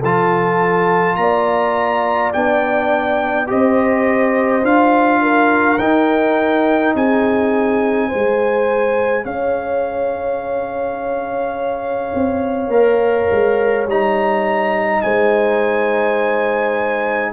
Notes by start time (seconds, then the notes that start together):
0.00 F3 F4 A4 A5
1.15 A#3 D5 A#5
2.33 B3 D4 G5
3.47 C4 G4 C5 D#5
4.62 D4 F4 F5
5.21 A#4
5.78 D#4 G5
6.95 C4 G#4 G#5
8.07 G#4 C5
8.13 G#3
9.24 C#4 C#5 F5
12.14 C4
12.68 A#3 A#4
13.31 G#3
13.87 G3 D#4 A#5
15.01 G#3 C5 G#5